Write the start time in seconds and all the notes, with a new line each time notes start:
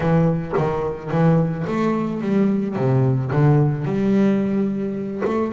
0.00 E3
0.57 D#3
1.10 E3
1.67 A3
2.21 G3
2.75 C3
3.31 D3
3.84 G3
5.24 A3